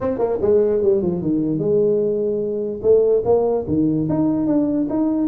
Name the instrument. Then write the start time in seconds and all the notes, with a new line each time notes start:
tuba
0.01 C4
0.18 A#3
0.41 G#3
0.82 G3
1.02 F3
1.21 D#3
1.58 G#3
2.82 A3
3.24 A#3
3.67 D#3
4.09 D#4
4.46 D4
4.89 D#4